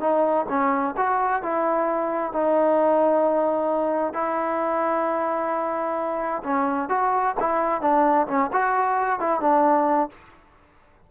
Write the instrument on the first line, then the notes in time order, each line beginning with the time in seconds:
trombone
0.00 D#4
0.49 C#4
0.97 F#4
1.42 E4
2.32 D#4
4.13 E4
6.43 C#4
6.89 F#4
7.39 E4
7.81 D4
8.27 C#4
8.53 F#4
9.19 E4
9.40 D4